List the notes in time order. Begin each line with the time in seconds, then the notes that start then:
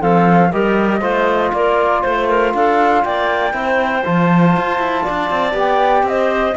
0.00 F3 C4 A4 F5
0.52 G3 G4 A#4 D#5
1.01 A3 F4 C5
1.53 A#3 A#4 D5
2.02 A3 C5
2.29 A#4
2.54 D4 A4 F5
3.04 A#3 D5 G5
3.52 C4 E4 C5
4.04 F3 F4 A5
4.57 F4
4.79 E4
5.04 D4 D5
5.30 C4
5.52 B3 G4
5.59 G5
6.03 C4 D#5
6.10 C5